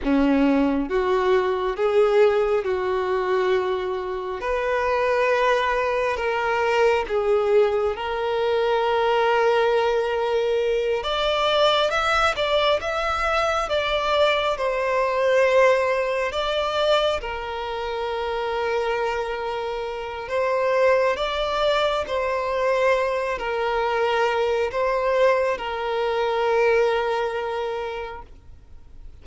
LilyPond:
\new Staff \with { instrumentName = "violin" } { \time 4/4 \tempo 4 = 68 cis'4 fis'4 gis'4 fis'4~ | fis'4 b'2 ais'4 | gis'4 ais'2.~ | ais'8 d''4 e''8 d''8 e''4 d''8~ |
d''8 c''2 d''4 ais'8~ | ais'2. c''4 | d''4 c''4. ais'4. | c''4 ais'2. | }